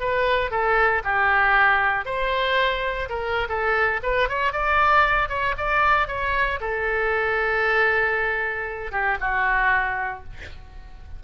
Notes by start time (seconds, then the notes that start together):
0.00 B4
0.51 A4
1.04 G4
2.05 C5
3.09 A#4
3.49 A4
4.03 B4
4.29 C#5
4.52 D5
5.29 C#5
5.58 D5
6.08 C#5
6.60 A4
8.92 G4
9.20 F#4